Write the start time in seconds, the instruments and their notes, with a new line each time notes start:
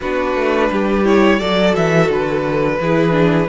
0.00 cello B3, viola D4, violin F#4 B4
0.35 cello A3
0.71 cello G3, violin G4
1.04 viola E4, violin C#5
1.39 cello F#3, viola F#4, violin A4 D5
1.75 cello E3, violin E5
2.09 cello D3, violin B4
2.80 cello E3, viola E4, violin G#4
3.10 viola D4